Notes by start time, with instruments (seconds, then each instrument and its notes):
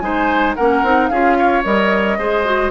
0.00 bassoon G#3, clarinet D#4, oboe C5, flute G#5
0.56 bassoon A#3, clarinet C#4, oboe A#4, flute F#5
0.84 bassoon C4, clarinet D#4
1.09 bassoon C#4, clarinet F4, oboe G#4, flute F5
1.39 oboe C#5
1.64 bassoon G3, clarinet A#4, flute D#5
2.19 bassoon G#3, clarinet G#4, oboe C5
2.46 clarinet F#4